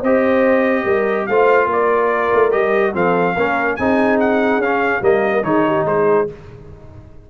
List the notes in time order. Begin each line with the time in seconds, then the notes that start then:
0.00 C4 G4 C5 D#5
0.84 G3 A#4
1.26 A3 F4 C5 F5
1.66 A#3 A#4 D5
2.33 A3
2.51 G3 G4 D#5
2.93 F3 C4 A4 F5
3.35 A#3 C#4 A#4
3.76 C4 D#4 G#4 G#5
4.20 F#5
4.57 C#4 F5
5.01 G3 A#3 A#4 D#5
5.43 D#3 D#4 G#4 C#5
5.66 G4
5.85 G#3 G#4 C5